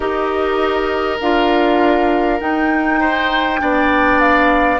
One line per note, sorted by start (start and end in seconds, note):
0.00 1.20 D#4
0.00 1.18 G4
0.00 3.00 A#4
0.00 1.19 D#5
1.20 2.40 D4
1.20 2.40 F4
1.20 2.40 F5
2.40 3.58 D#4
2.40 3.60 D#4
2.40 4.20 G5
3.00 3.60 C5
3.58 4.79 B3
3.58 4.78 D4
3.58 4.79 D5
4.20 4.79 F5